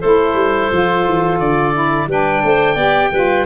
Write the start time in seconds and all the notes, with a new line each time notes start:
0.00 A3 E4 A4 C5
0.35 G3
0.72 F3 F4
1.07 E3
1.40 D3 D5
1.74 E4
2.07 G3 D4 B4 G5
2.44 A3 C5
2.75 B3 G4 D5
3.12 G3 F4 B4